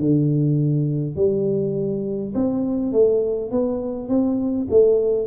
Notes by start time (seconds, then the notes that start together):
0.00 D3
1.17 G3
2.35 C4
2.93 A3
3.51 B3
4.09 C4
4.71 A3